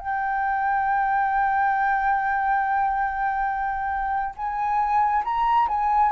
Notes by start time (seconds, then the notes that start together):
0.00 G5
4.37 G#5
5.25 A#5
5.68 G#5